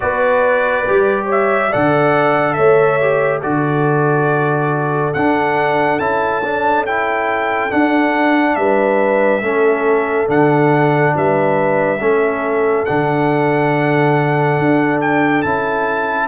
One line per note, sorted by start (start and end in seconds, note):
0.00 0.88 B3
0.00 0.84 F#4
0.00 1.25 B4
0.00 1.26 D5
0.86 1.74 G3
0.86 1.72 G4
1.25 1.68 C#5
1.25 1.72 E5
1.70 2.57 D3
1.70 3.00 A4
1.70 2.55 D5
1.70 2.53 F#5
2.53 3.43 A3
2.53 3.40 C#5
2.53 3.39 E5
3.01 3.42 G4
3.40 5.14 D3
3.40 5.13 F#4
3.40 8.54 A4
3.40 5.13 D5
5.13 5.98 D4
5.13 5.99 D4
5.13 5.99 F#5
5.98 7.70 C#4
5.98 6.42 E4
5.98 6.84 A5
6.44 6.86 D4
6.86 7.70 E4
6.86 7.71 G5
7.70 9.41 D4
7.70 8.56 D4
7.70 8.55 F#5
8.55 9.42 G3
8.55 9.42 B4
8.55 10.27 E5
9.42 10.27 A3
9.42 10.27 C#4
9.42 11.13 A4
10.27 11.14 D3
10.27 11.98 D4
10.27 11.15 F#5
11.15 12.00 G3
11.15 12.01 B4
11.15 12.85 E5
12.00 12.86 A3
12.00 12.86 C#4
12.00 16.27 A4
12.85 14.58 D3
12.85 15.44 D4
12.85 14.99 F#5
14.58 15.44 D4
15.00 15.42 G5
15.42 16.27 C#4
15.42 16.27 E4
15.42 16.27 A5